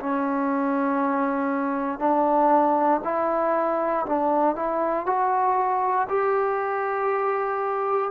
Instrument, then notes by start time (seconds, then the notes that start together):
trombone
0.00 C#4
1.99 D4
3.04 E4
4.06 D4
4.56 E4
5.06 F#4
6.09 G4